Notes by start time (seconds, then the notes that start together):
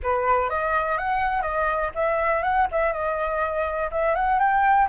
0.02 B4
0.49 D#5
0.98 F#5
1.41 D#5
1.94 E5
2.43 F#5
2.71 E5
2.92 D#5
3.91 E5
4.15 F#5
4.39 G5